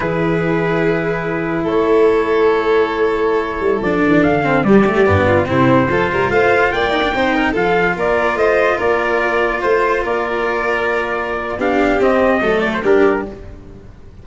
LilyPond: <<
  \new Staff \with { instrumentName = "trumpet" } { \time 4/4 \tempo 4 = 145 b'1 | cis''1~ | cis''4~ cis''16 d''4 f''4 d''8.~ | d''4~ d''16 c''2 f''8.~ |
f''16 g''2 f''4 d''8.~ | d''16 dis''4 d''2 c''8.~ | c''16 d''2.~ d''8. | f''4 dis''4. d''16 c''16 ais'4 | }
  \new Staff \with { instrumentName = "violin" } { \time 4/4 gis'1 | a'1~ | a'2.~ a'16 g'8.~ | g'8. f'8 e'4 a'8 ais'8 c''8.~ |
c''16 d''4 c''8 ais'8 a'4 ais'8.~ | ais'16 c''4 ais'2 c''8.~ | c''16 ais'2.~ ais'8. | g'2 a'4 g'4 | }
  \new Staff \with { instrumentName = "cello" } { \time 4/4 e'1~ | e'1~ | e'4~ e'16 d'4. c'8 g8 a16~ | a16 b4 c'4 f'4.~ f'16~ |
f'8. dis'16 d'16 dis'4 f'4.~ f'16~ | f'1~ | f'1 | d'4 c'4 a4 d'4 | }
  \new Staff \with { instrumentName = "tuba" } { \time 4/4 e1 | a1~ | a8. g8 f8 e8 d4 g8.~ | g16 g,4 c4 f8 g8 a8.~ |
a16 ais4 c'4 f4 ais8.~ | ais16 a4 ais2 a8.~ | a16 ais2.~ ais8. | b4 c'4 fis4 g4 | }
>>